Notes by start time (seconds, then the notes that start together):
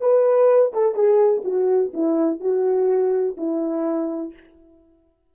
0.00 B4
0.73 A4
0.94 G#4
1.44 F#4
1.93 E4
2.40 F#4
3.37 E4